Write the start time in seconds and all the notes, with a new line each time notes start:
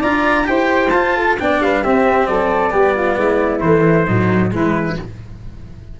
0.00 D4 F4 D5 A#5
0.43 E4 G4 C5 G5
0.90 F4 A5
1.16 A4
1.39 B3 D4 D5 G5
1.60 G3 B4 F5
1.83 C4 G4 E5
2.26 F#3 A4 D5
2.70 G3 B3 G4
2.95 F4
3.17 G#3 E4
3.60 E3 A3 C5
4.06 A2 F#3 D#4
4.51 E3 G#3 E4 B4